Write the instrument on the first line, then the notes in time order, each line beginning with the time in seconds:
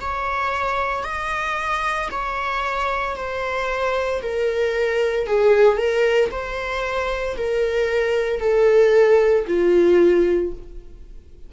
viola
0.00 C#5
1.03 D#5
2.11 C#5
3.16 C5
4.22 A#4
5.27 G#4
5.77 A#4
6.31 C5
7.37 A#4
8.40 A4
9.47 F4